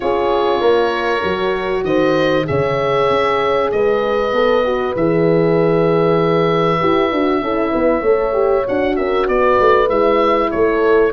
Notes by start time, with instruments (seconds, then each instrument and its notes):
0.00 tuba C#4, horn F4 G#4, oboe C#5
0.60 tuba A#3, horn A#4
1.23 tuba F#3, horn F#4
1.84 tuba D#3, horn C5, oboe D#5
2.45 tuba C#3, horn G#4 C#5, oboe E5
3.09 tuba C#4
3.71 tuba G#3, horn B4, oboe D#5
4.32 tuba B3, horn A4
4.64 horn F#4
4.95 tuba E3, horn G#4, oboe E5
6.79 tuba E4, horn G4
7.11 tuba D4, horn F#4
7.41 tuba C#4, horn E4 A4
7.71 tuba B3, horn B4
8.01 tuba A3, horn A4 C#5
8.33 horn G4
8.67 tuba D4, horn F#4, oboe F#5
8.96 tuba C#4, horn A#4, oboe E5
9.26 tuba B3, horn B4, oboe D5
9.59 tuba A3
9.88 tuba G#3, horn E4, oboe E5
10.51 tuba A3, horn A4, oboe C#5